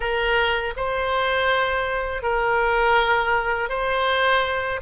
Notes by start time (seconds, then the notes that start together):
0.00 A#4
0.76 C5
2.22 A#4
3.69 C5